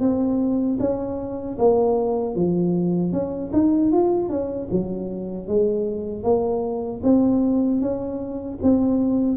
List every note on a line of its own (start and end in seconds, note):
0.00 0.78 C4
0.80 1.58 C#4
1.58 2.35 A#3
2.35 3.12 F3
3.12 3.51 C#4
3.53 3.92 D#4
3.92 4.29 F4
4.29 4.68 C#4
4.71 5.47 F#3
5.47 6.23 G#3
6.23 7.01 A#3
7.03 7.81 C4
7.81 8.59 C#4
8.62 9.37 C4